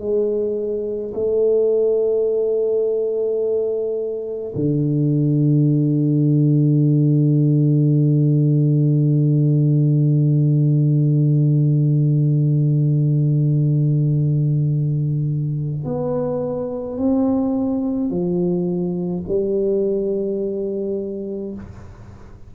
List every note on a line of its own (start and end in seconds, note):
0.00 1.13 G#3
1.15 4.54 A3
4.56 15.85 D3
15.85 16.98 B3
16.98 18.11 C4
18.11 19.24 F3
19.28 21.55 G3